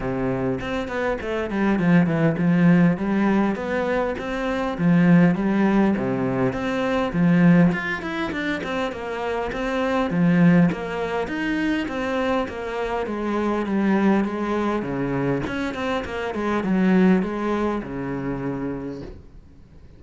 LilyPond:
\new Staff \with { instrumentName = "cello" } { \time 4/4 \tempo 4 = 101 c4 c'8 b8 a8 g8 f8 e8 | f4 g4 b4 c'4 | f4 g4 c4 c'4 | f4 f'8 e'8 d'8 c'8 ais4 |
c'4 f4 ais4 dis'4 | c'4 ais4 gis4 g4 | gis4 cis4 cis'8 c'8 ais8 gis8 | fis4 gis4 cis2 | }